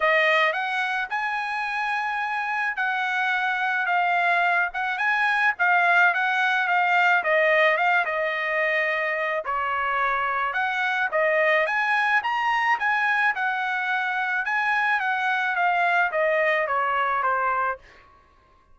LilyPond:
\new Staff \with { instrumentName = "trumpet" } { \time 4/4 \tempo 4 = 108 dis''4 fis''4 gis''2~ | gis''4 fis''2 f''4~ | f''8 fis''8 gis''4 f''4 fis''4 | f''4 dis''4 f''8 dis''4.~ |
dis''4 cis''2 fis''4 | dis''4 gis''4 ais''4 gis''4 | fis''2 gis''4 fis''4 | f''4 dis''4 cis''4 c''4 | }